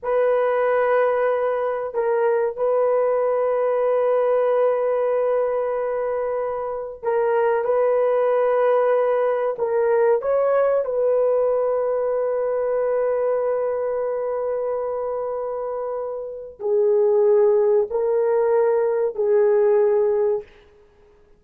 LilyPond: \new Staff \with { instrumentName = "horn" } { \time 4/4 \tempo 4 = 94 b'2. ais'4 | b'1~ | b'2. ais'4 | b'2. ais'4 |
cis''4 b'2.~ | b'1~ | b'2 gis'2 | ais'2 gis'2 | }